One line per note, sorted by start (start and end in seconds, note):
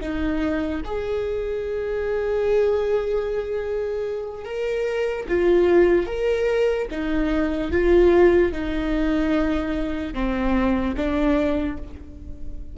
0.00 0.81 D#4
0.84 4.45 G#4
4.45 5.26 A#4
5.28 6.06 F4
6.06 6.87 A#4
6.90 7.71 D#4
7.71 8.52 F4
8.52 10.14 D#4
10.14 10.95 C4
10.96 11.77 D4